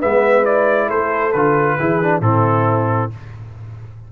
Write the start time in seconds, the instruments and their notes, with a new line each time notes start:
0.00 tuba G#3, trombone B3, horn B4, trumpet E5
0.44 trombone E4, trumpet D5
0.88 tuba A3, horn A4, trumpet C5
1.33 tuba D3, trombone F4, trumpet B4
1.78 tuba E3, trombone E4, horn G#4
2.03 trombone D4
2.21 tuba A2, trombone C4, horn E4, trumpet A4